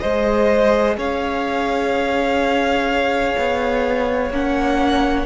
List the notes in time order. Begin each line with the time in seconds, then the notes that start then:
0.00 G#3 G#4 C5 D#5
0.98 C#4 C#5 F5
3.39 B3
4.31 A#3 C#4 F#5